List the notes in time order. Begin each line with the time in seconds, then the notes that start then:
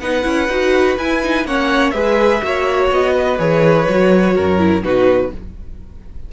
0.00 B3 D#4 B4 F#5
0.23 C#4 E4
0.49 D#4 F#4
0.98 E4 G#5
1.23 D#4
1.45 A#3 C#4 C#5 F#5
1.91 G#3 G#4 B4 E5
2.42 A#3 F#4 C#5
2.92 B3 D#5
3.14 B4
3.39 E3 G#4 C#5
3.89 F#3 F#4
4.35 F#2 A#4
4.59 E4
4.83 B2 D#4 F#4 B4